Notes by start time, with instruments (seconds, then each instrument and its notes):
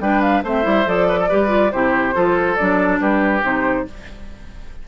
0.00 bassoon G3, clarinet D4, oboe B4, flute G5
0.21 flute F5
0.43 bassoon A3, clarinet C4, oboe C5, flute E5
0.62 bassoon G3, clarinet E4
0.85 bassoon F3, clarinet A4, flute D5
1.08 oboe B4
1.19 oboe A4
1.28 bassoon G3, clarinet G4, oboe B4
1.48 clarinet F4
1.71 bassoon C3, clarinet E4, oboe G4, flute C5
2.13 bassoon F3, clarinet F4, oboe A4
2.56 bassoon F#3, clarinet D4, flute D5
3.00 bassoon G3, oboe G4, flute B4
3.42 bassoon C3, clarinet D#4, flute C5